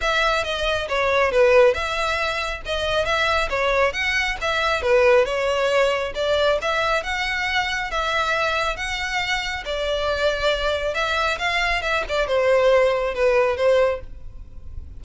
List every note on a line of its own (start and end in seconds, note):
0.01 0.44 E5
0.44 0.88 D#5
0.88 1.31 C#5
1.31 1.74 B4
1.74 2.61 E5
2.65 3.05 D#5
3.05 3.48 E5
3.49 3.93 C#5
3.93 4.36 F#5
4.41 4.82 E5
4.82 5.25 B4
5.25 6.12 C#5
6.15 6.58 D5
6.61 7.03 E5
7.03 7.90 F#5
7.90 8.76 E5
8.76 9.63 F#5
9.65 10.94 D5
10.94 11.38 E5
11.38 11.82 F5
11.82 12.04 E5
12.09 12.27 D5
12.27 13.14 C5
13.14 13.56 B4
13.56 14.00 C5